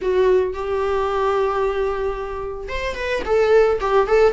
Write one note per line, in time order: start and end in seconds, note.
0.01 0.53 F#4
0.53 2.68 G4
2.68 2.95 C5
2.95 3.22 B4
3.25 3.79 A4
3.80 4.07 G4
4.07 4.33 A4